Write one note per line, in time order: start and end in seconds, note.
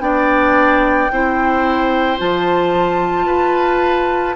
0.00 1.09 B3
0.00 1.09 D4
0.00 1.12 D5
0.00 2.18 G5
1.11 2.20 C4
1.11 2.17 E4
1.11 3.26 C5
2.17 3.26 F3
2.17 4.36 F4
2.17 4.36 A5
3.26 4.35 F4
3.26 4.35 B4